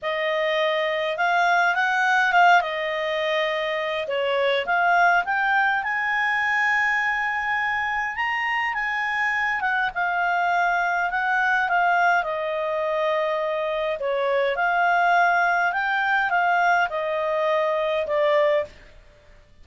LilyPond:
\new Staff \with { instrumentName = "clarinet" } { \time 4/4 \tempo 4 = 103 dis''2 f''4 fis''4 | f''8 dis''2~ dis''8 cis''4 | f''4 g''4 gis''2~ | gis''2 ais''4 gis''4~ |
gis''8 fis''8 f''2 fis''4 | f''4 dis''2. | cis''4 f''2 g''4 | f''4 dis''2 d''4 | }